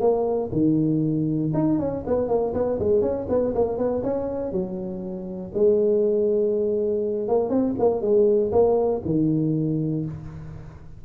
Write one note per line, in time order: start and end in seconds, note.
0.00 0.50 A#3
0.52 1.52 D#3
1.54 1.79 D#4
1.79 2.04 C#4
2.06 2.28 B3
2.28 2.53 A#3
2.53 2.78 B3
2.79 3.01 G#3
3.01 3.26 C#4
3.29 3.54 B3
3.55 3.77 A#3
3.77 4.02 B3
4.03 4.52 C#4
4.52 5.52 F#3
5.54 7.28 G#3
7.28 7.49 A#3
7.49 7.74 C4
7.79 8.01 A#3
8.01 8.51 G#3
8.51 9.01 A#3
9.05 10.05 D#3